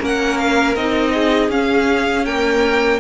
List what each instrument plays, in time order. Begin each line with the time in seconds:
0.00 cello A#3, viola C#4, violin A#4 F#5
0.38 violin F5
0.75 cello C4, viola D#4, violin D#5
1.14 violin G#4
1.49 cello C#4, viola C#4, violin F5
2.26 viola A#3, violin A#4 G5